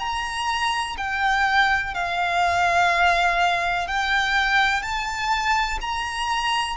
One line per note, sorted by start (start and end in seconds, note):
0.00 0.97 A#5
0.98 1.94 G5
1.94 3.88 F5
3.88 4.83 G5
4.83 5.79 A5
5.82 6.77 A#5